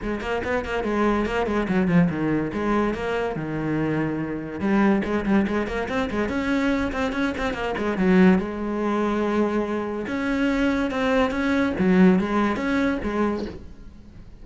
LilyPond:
\new Staff \with { instrumentName = "cello" } { \time 4/4 \tempo 4 = 143 gis8 ais8 b8 ais8 gis4 ais8 gis8 | fis8 f8 dis4 gis4 ais4 | dis2. g4 | gis8 g8 gis8 ais8 c'8 gis8 cis'4~ |
cis'8 c'8 cis'8 c'8 ais8 gis8 fis4 | gis1 | cis'2 c'4 cis'4 | fis4 gis4 cis'4 gis4 | }